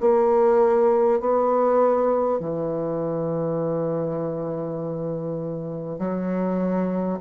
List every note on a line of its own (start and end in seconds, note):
0.00 1.20 A#3
1.20 2.39 B3
2.39 5.98 E3
5.98 7.18 F#3